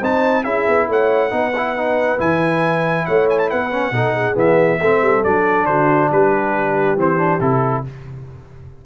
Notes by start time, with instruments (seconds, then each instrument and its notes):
0.00 tuba C4, trombone D#4, horn C5, trumpet A5
0.44 tuba C#4, trombone E4, horn G#4, trumpet E5
0.68 tuba B3
0.89 tuba A3, horn C#5, trumpet F#5
1.31 tuba B3, trombone D#4, horn B4
1.58 trombone E4
1.77 trombone D#4
2.18 tuba E3, trombone E4, trumpet G#5
3.06 tuba A3, horn C#5, trumpet F#5
3.30 trumpet G#5
3.39 trumpet A5
3.50 tuba B3, horn B4, trumpet F#5
3.71 trombone C#4
3.92 tuba B2, trombone D#4, horn A4
4.15 horn G#4
4.35 tuba E3, trombone B3, trumpet E5
4.81 tuba A3, trombone C4, horn A4
5.02 tuba G3
5.24 tuba F#3, trombone D4, trumpet D5
5.66 tuba D3, horn F#4, trumpet C5
6.12 tuba G3, horn G4, trumpet B4
6.97 tuba E3, trombone C4, trumpet C5
7.18 trombone D4
7.41 tuba C3, trombone E4, trumpet A4